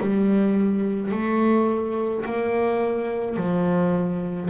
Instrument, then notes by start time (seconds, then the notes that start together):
double bass
0.00 G3
1.11 A3
2.25 A#3
3.36 F3